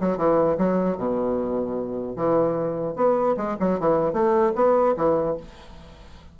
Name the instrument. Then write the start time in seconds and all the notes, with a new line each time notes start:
bassoon
0.00 F#3
0.17 E3
0.57 F#3
0.97 B2
2.16 E3
2.95 B3
3.37 G#3
3.59 F#3
3.80 E3
4.13 A3
4.55 B3
4.97 E3